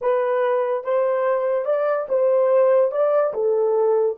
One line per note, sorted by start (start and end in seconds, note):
0.01 0.84 B4
0.84 1.65 C5
1.65 2.06 D5
2.08 2.91 C5
2.91 3.33 D5
3.33 4.17 A4